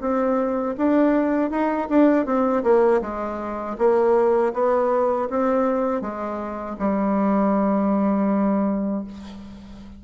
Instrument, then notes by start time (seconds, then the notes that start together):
bassoon
0.00 C4
0.77 D4
1.50 D#4
1.89 D4
2.25 C4
2.63 A#3
3.01 G#3
3.78 A#3
4.53 B3
5.29 C4
6.01 G#3
6.79 G3